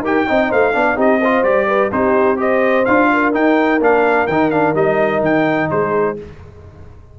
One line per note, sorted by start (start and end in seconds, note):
0.00 0.24 D#4
0.00 0.28 G4
0.00 0.26 A#4
0.00 0.52 G5
0.28 0.52 C4
0.28 0.73 D#4
0.28 0.49 D#5
0.49 0.75 A3
0.49 0.73 C5
0.49 0.99 F5
0.73 0.97 B3
0.73 0.96 D4
0.73 0.96 D5
0.96 1.44 C4
0.96 1.19 D#4
0.96 1.20 G4
0.96 1.44 D#5
1.21 1.44 F4
1.21 1.67 C5
1.44 1.91 G3
1.44 1.91 G4
1.44 1.91 D5
1.67 1.91 B4
1.92 2.86 C4
1.92 2.37 D#4
1.92 2.39 G4
1.92 2.39 C5
2.37 2.84 G4
2.37 3.10 C5
2.37 2.85 D#5
2.85 3.35 D4
2.85 3.33 F4
2.85 3.32 F5
3.13 5.70 A#4
3.33 3.80 D#4
3.33 3.82 G5
3.80 4.28 A#3
3.80 4.28 D4
3.80 4.27 F5
4.27 4.75 D#3
4.27 4.52 D#4
4.27 4.51 G5
4.51 4.75 D4
4.51 4.75 F5
4.75 5.21 G3
4.75 6.17 D#4
4.75 5.23 D#5
5.21 5.68 D#3
5.21 5.71 G5
5.70 6.19 G#3
5.70 6.18 G#4
5.70 6.18 C5